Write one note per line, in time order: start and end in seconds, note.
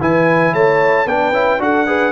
0.00 0.53 E3
0.00 1.07 E4
0.00 0.53 B4
0.00 0.54 G#5
0.53 1.06 A3
0.53 1.06 C#5
0.53 1.08 A5
1.06 1.31 B3
1.06 1.33 D4
1.06 1.61 B4
1.06 1.61 G5
1.31 1.58 C#4
1.31 1.59 E4
1.59 2.12 D4
1.59 1.86 F#4
1.59 1.87 A4
1.59 2.12 F#5
1.86 2.12 G#4
1.86 2.12 B4